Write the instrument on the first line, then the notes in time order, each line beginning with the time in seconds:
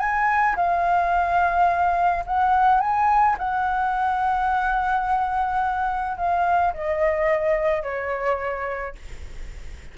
flute
0.00 G#5
0.56 F5
2.27 F#5
2.81 G#5
3.39 F#5
6.18 F5
6.74 D#5
7.83 C#5